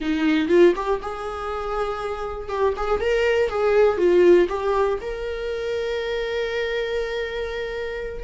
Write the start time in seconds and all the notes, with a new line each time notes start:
0.00 D#4
0.48 F4
0.75 G4
1.01 G#4
2.48 G4
2.76 G#4
3.00 A#4
3.49 G#4
3.97 F4
4.48 G4
5.01 A#4